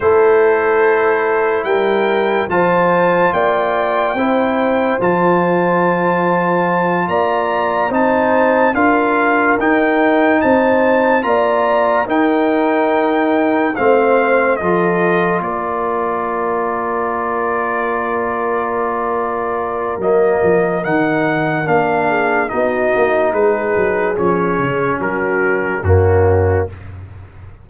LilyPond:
<<
  \new Staff \with { instrumentName = "trumpet" } { \time 4/4 \tempo 4 = 72 c''2 g''4 a''4 | g''2 a''2~ | a''8 ais''4 a''4 f''4 g''8~ | g''8 a''4 ais''4 g''4.~ |
g''8 f''4 dis''4 d''4.~ | d''1 | dis''4 fis''4 f''4 dis''4 | b'4 cis''4 ais'4 fis'4 | }
  \new Staff \with { instrumentName = "horn" } { \time 4/4 a'2 ais'4 c''4 | d''4 c''2.~ | c''8 d''4 c''4 ais'4.~ | ais'8 c''4 d''4 ais'4.~ |
ais'8 c''4 a'4 ais'4.~ | ais'1~ | ais'2~ ais'8 gis'8 fis'4 | gis'2 fis'4 cis'4 | }
  \new Staff \with { instrumentName = "trombone" } { \time 4/4 e'2. f'4~ | f'4 e'4 f'2~ | f'4. dis'4 f'4 dis'8~ | dis'4. f'4 dis'4.~ |
dis'8 c'4 f'2~ f'8~ | f'1 | ais4 dis'4 d'4 dis'4~ | dis'4 cis'2 ais4 | }
  \new Staff \with { instrumentName = "tuba" } { \time 4/4 a2 g4 f4 | ais4 c'4 f2~ | f8 ais4 c'4 d'4 dis'8~ | dis'8 c'4 ais4 dis'4.~ |
dis'8 a4 f4 ais4.~ | ais1 | fis8 f8 dis4 ais4 b8 ais8 | gis8 fis8 f8 cis8 fis4 fis,4 | }
>>